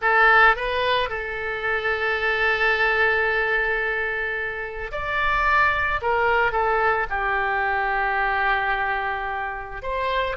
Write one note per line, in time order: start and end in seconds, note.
0.01 0.56 A4
0.56 1.09 B4
1.09 4.91 A4
4.91 6.00 D5
6.01 6.52 A#4
6.52 7.06 A4
7.09 9.82 G4
9.82 10.36 C5